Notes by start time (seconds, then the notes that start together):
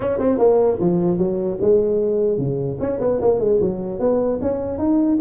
0.00 C#4
0.19 C4
0.38 A#3
0.79 F3
1.18 F#3
1.60 G#3
2.38 C#3
2.79 C#4
3.00 B3
3.21 A#3
3.39 G#3
3.60 F#3
3.99 B3
4.41 C#4
4.78 D#4